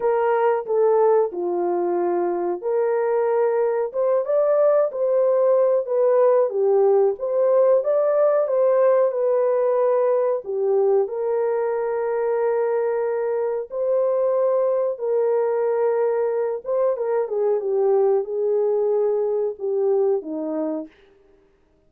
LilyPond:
\new Staff \with { instrumentName = "horn" } { \time 4/4 \tempo 4 = 92 ais'4 a'4 f'2 | ais'2 c''8 d''4 c''8~ | c''4 b'4 g'4 c''4 | d''4 c''4 b'2 |
g'4 ais'2.~ | ais'4 c''2 ais'4~ | ais'4. c''8 ais'8 gis'8 g'4 | gis'2 g'4 dis'4 | }